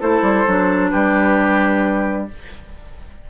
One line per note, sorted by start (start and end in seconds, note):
0.00 0.22 A3
0.00 0.47 E4
0.00 0.91 A4
0.00 0.90 C5
0.22 0.45 G3
0.47 0.93 F#3
0.47 2.29 D4
0.90 2.30 G3
0.90 2.28 G4
0.90 2.27 B4